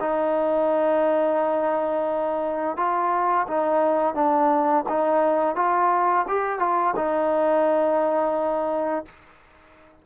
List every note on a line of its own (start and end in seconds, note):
0.00 2.77 D#4
2.77 3.47 F4
3.48 4.14 D#4
4.14 4.84 D4
4.89 5.56 D#4
5.56 6.25 F4
6.28 6.59 G4
6.59 6.94 F4
6.96 9.05 D#4